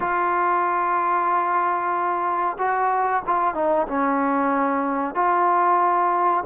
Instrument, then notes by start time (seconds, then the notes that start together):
trombone
0.00 F4
2.58 F#4
3.26 F4
3.54 D#4
3.87 C#4
5.14 F4